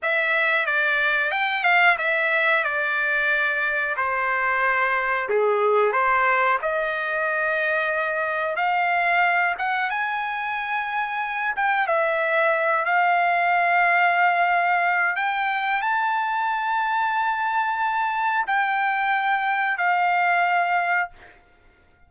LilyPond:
\new Staff \with { instrumentName = "trumpet" } { \time 4/4 \tempo 4 = 91 e''4 d''4 g''8 f''8 e''4 | d''2 c''2 | gis'4 c''4 dis''2~ | dis''4 f''4. fis''8 gis''4~ |
gis''4. g''8 e''4. f''8~ | f''2. g''4 | a''1 | g''2 f''2 | }